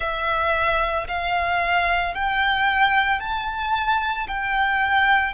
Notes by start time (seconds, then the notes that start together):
0.00 E5
1.07 F5
2.14 G5
3.19 A5
4.27 G5